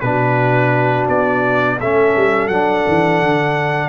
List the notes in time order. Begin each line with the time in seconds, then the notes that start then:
0.00 B2 D4 B4
0.06 F#4
1.08 B3 D5
1.78 A3 C#4 A4 E5
2.16 G3
2.47 F#3 D4 F#5
2.87 E3
3.21 D3